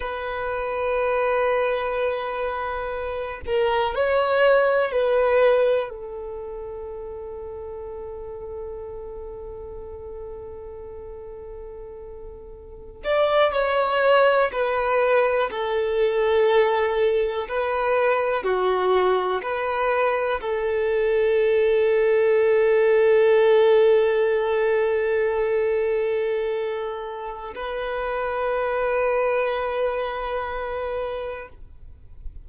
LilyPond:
\new Staff \with { instrumentName = "violin" } { \time 4/4 \tempo 4 = 61 b'2.~ b'8 ais'8 | cis''4 b'4 a'2~ | a'1~ | a'4~ a'16 d''8 cis''4 b'4 a'16~ |
a'4.~ a'16 b'4 fis'4 b'16~ | b'8. a'2.~ a'16~ | a'1 | b'1 | }